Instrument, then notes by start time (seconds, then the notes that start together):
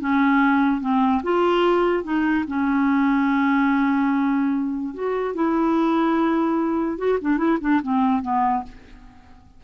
clarinet
0.00 C#4
0.81 C4
1.23 F4
2.04 D#4
2.48 C#4
4.94 F#4
5.35 E4
6.98 F#4
7.21 D4
7.37 E4
7.61 D4
7.82 C4
8.22 B3